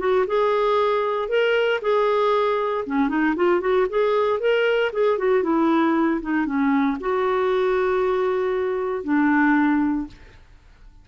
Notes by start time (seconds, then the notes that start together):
0.00 F#4
0.28 G#4
1.29 A#4
1.82 G#4
2.87 C#4
3.09 D#4
3.36 F4
3.61 F#4
3.90 G#4
4.40 A#4
4.93 G#4
5.19 F#4
5.44 E4
6.22 D#4
6.46 C#4
7.01 F#4
9.04 D4